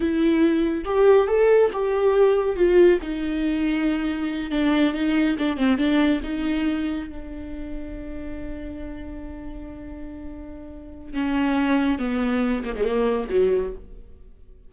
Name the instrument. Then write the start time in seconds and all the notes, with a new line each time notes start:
viola
0.00 E4
0.85 G4
1.27 A4
1.73 G4
2.55 F4
3.02 D#4
4.50 D4
4.93 D#4
5.38 D4
5.57 C4
5.77 D4
6.23 D#4
7.08 D4
11.13 C#4
11.99 B3
12.64 A#3
12.75 G#3
12.84 A#3
13.29 F#3